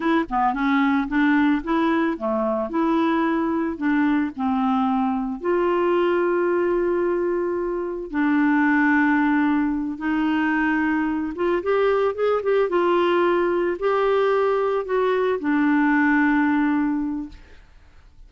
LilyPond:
\new Staff \with { instrumentName = "clarinet" } { \time 4/4 \tempo 4 = 111 e'8 b8 cis'4 d'4 e'4 | a4 e'2 d'4 | c'2 f'2~ | f'2. d'4~ |
d'2~ d'8 dis'4.~ | dis'4 f'8 g'4 gis'8 g'8 f'8~ | f'4. g'2 fis'8~ | fis'8 d'2.~ d'8 | }